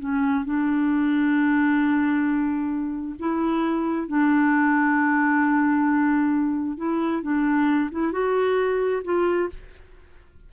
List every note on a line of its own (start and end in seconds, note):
0.00 0.45 C#4
0.45 3.16 D4
3.20 4.08 E4
4.08 6.78 D4
6.78 7.23 E4
7.23 7.90 D4
7.92 8.13 E4
8.13 9.03 F#4
9.05 9.50 F4